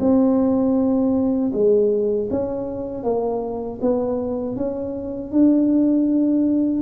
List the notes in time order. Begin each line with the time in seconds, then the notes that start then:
0.00 C4
1.53 G#3
2.31 C#4
3.03 A#3
3.81 B3
4.56 C#4
5.32 D4